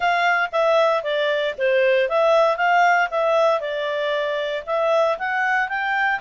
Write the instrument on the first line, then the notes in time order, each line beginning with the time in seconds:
clarinet
0.00 F5
0.51 E5
1.03 D5
1.58 C5
2.09 E5
2.57 F5
3.10 E5
3.60 D5
4.66 E5
5.18 F#5
5.68 G5